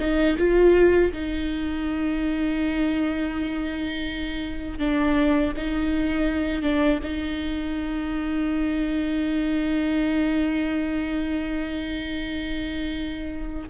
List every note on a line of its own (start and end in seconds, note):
0.00 0.37 D#4
0.38 1.12 F4
1.13 4.79 D#4
4.79 5.54 D4
5.57 6.63 D#4
6.63 7.00 D4
7.03 13.70 D#4